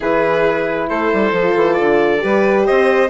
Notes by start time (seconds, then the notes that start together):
0.00 E3 E4 G#4 B4
0.89 A3 A4 C5
1.13 G3
1.32 F3 F4
1.56 E3
1.73 D3 D5
2.19 G3 G4 B4
2.66 C4 C5 D#5